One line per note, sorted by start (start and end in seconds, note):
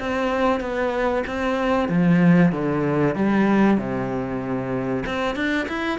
0.00 0.61 C4
0.61 1.24 B3
1.27 1.89 C4
1.89 2.52 F3
2.52 3.16 D3
3.16 3.78 G3
3.78 5.04 C3
5.06 5.36 C4
5.36 5.68 D4
5.69 5.99 E4